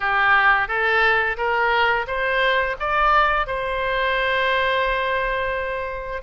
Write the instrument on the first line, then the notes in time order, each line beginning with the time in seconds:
oboe
0.00 G4
0.67 A4
1.37 A#4
2.07 C5
2.79 D5
3.46 C5